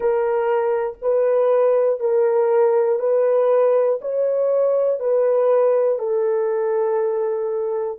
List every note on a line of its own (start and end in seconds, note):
0.00 0.97 A#4
1.01 2.00 B4
2.00 2.99 A#4
2.99 3.99 B4
4.00 4.99 C#5
4.99 5.98 B4
5.98 7.98 A4